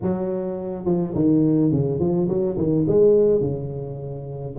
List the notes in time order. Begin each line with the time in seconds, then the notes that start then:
0.02 F#3
0.85 F3
1.15 D#3
1.71 C#3
1.99 F3
2.28 F#3
2.57 D#3
2.87 G#3
3.41 C#3